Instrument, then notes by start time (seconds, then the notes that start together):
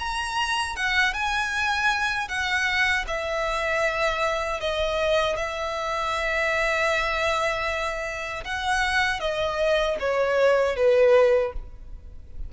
violin
0.00 A#5
0.77 F#5
1.14 G#5
2.29 F#5
3.08 E5
4.61 D#5
5.37 E5
8.45 F#5
9.21 D#5
10.00 C#5
10.77 B4